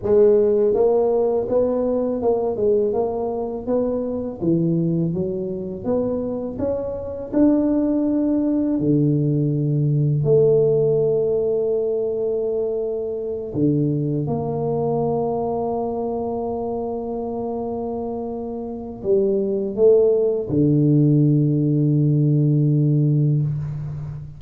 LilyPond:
\new Staff \with { instrumentName = "tuba" } { \time 4/4 \tempo 4 = 82 gis4 ais4 b4 ais8 gis8 | ais4 b4 e4 fis4 | b4 cis'4 d'2 | d2 a2~ |
a2~ a8 d4 ais8~ | ais1~ | ais2 g4 a4 | d1 | }